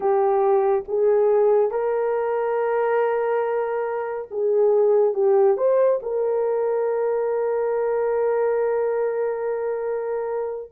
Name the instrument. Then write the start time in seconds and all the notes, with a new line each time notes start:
horn
0.00 G4
0.88 G#4
1.71 A#4
4.31 G#4
5.14 G4
5.57 C5
6.02 A#4